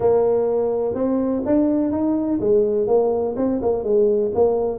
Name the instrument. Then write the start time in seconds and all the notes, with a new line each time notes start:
tuba
0.00 A#3
0.94 C4
1.45 D4
1.91 D#4
2.40 G#3
2.87 A#3
3.36 C4
3.61 A#3
3.83 G#3
4.34 A#3